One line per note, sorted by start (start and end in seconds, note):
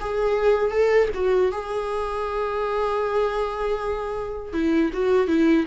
0.00 0.71 G#4
0.71 1.09 A4
1.14 1.52 F#4
1.52 4.53 G#4
4.53 4.91 E4
4.93 5.27 F#4
5.27 5.65 E4